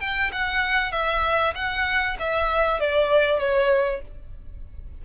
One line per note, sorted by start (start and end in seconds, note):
0.00 0.31 G5
0.32 0.92 F#5
0.92 1.54 E5
1.55 2.17 F#5
2.19 2.79 E5
2.79 3.39 D5
3.39 4.01 C#5